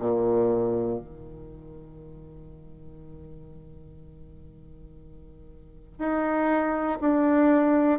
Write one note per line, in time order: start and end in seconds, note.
0.00 1.00 A#2
1.00 5.99 D#3
5.99 6.99 D#4
7.01 8.00 D4